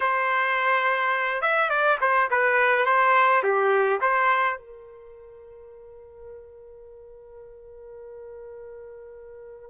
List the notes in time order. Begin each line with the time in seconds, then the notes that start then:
0.00 C5
1.41 E5
1.69 D5
2.00 C5
2.30 B4
2.85 C5
3.43 G4
4.01 C5
4.58 A#4